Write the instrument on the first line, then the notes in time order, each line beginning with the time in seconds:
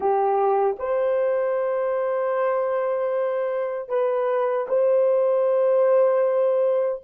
horn
0.00 G4
0.78 C5
3.88 B4
4.68 C5